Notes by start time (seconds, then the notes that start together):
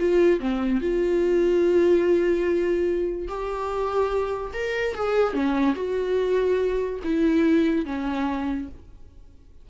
0.00 F4
0.40 C4
0.81 F4
3.28 G4
4.54 A#4
4.95 G#4
5.34 C#4
5.76 F#4
7.04 E4
7.86 C#4